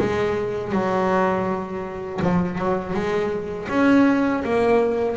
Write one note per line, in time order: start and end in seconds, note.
0.00 0.72 G#3
0.72 2.21 F#3
2.23 2.59 F3
2.59 2.94 F#3
2.94 3.68 G#3
3.69 4.43 C#4
4.45 5.17 A#3